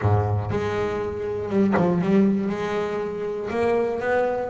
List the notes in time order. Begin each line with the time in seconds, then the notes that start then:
0.01 G#2
0.50 G#3
1.49 G3
1.77 F3
2.01 G3
2.49 G#3
3.50 A#3
4.00 B3